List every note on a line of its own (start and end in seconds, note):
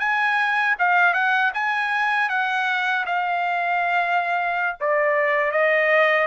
0.00 0.76 G#5
0.79 1.14 F5
1.14 1.52 F#5
1.54 2.30 G#5
2.30 3.06 F#5
3.06 4.77 F5
4.81 5.52 D5
5.52 6.27 D#5